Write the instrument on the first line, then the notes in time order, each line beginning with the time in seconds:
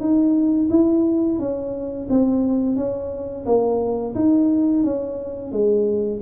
tuba
0.00 D#4
0.70 E4
1.39 C#4
2.09 C4
2.76 C#4
3.45 A#3
4.15 D#4
4.83 C#4
5.52 G#3